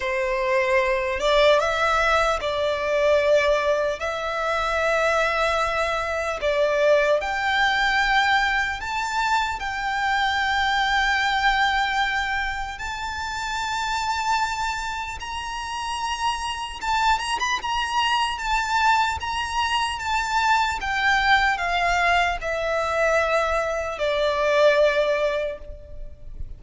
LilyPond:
\new Staff \with { instrumentName = "violin" } { \time 4/4 \tempo 4 = 75 c''4. d''8 e''4 d''4~ | d''4 e''2. | d''4 g''2 a''4 | g''1 |
a''2. ais''4~ | ais''4 a''8 ais''16 b''16 ais''4 a''4 | ais''4 a''4 g''4 f''4 | e''2 d''2 | }